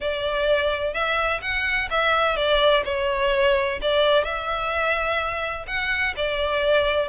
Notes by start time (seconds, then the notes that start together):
0.00 D5
0.93 E5
1.41 F#5
1.90 E5
2.36 D5
2.85 C#5
3.81 D5
4.23 E5
5.67 F#5
6.16 D5